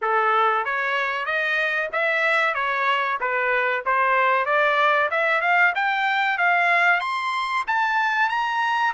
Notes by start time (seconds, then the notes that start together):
0.01 A4
0.64 C#5
1.25 D#5
1.92 E5
2.54 C#5
3.20 B4
3.85 C5
4.45 D5
5.10 E5
5.41 F5
5.75 G5
6.38 F5
7.00 C6
7.67 A5
8.29 A#5